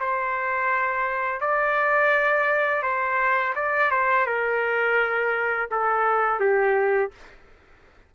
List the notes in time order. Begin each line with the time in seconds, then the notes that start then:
0.00 C5
1.41 D5
2.83 C5
3.56 D5
3.91 C5
4.26 A#4
5.71 A4
6.40 G4